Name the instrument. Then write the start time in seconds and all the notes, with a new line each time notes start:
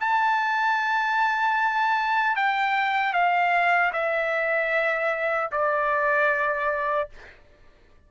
trumpet
0.00 A5
2.35 G5
3.13 F5
3.93 E5
5.51 D5